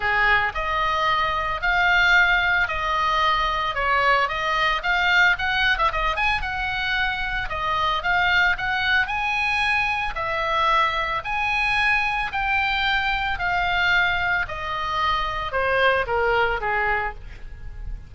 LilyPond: \new Staff \with { instrumentName = "oboe" } { \time 4/4 \tempo 4 = 112 gis'4 dis''2 f''4~ | f''4 dis''2 cis''4 | dis''4 f''4 fis''8. e''16 dis''8 gis''8 | fis''2 dis''4 f''4 |
fis''4 gis''2 e''4~ | e''4 gis''2 g''4~ | g''4 f''2 dis''4~ | dis''4 c''4 ais'4 gis'4 | }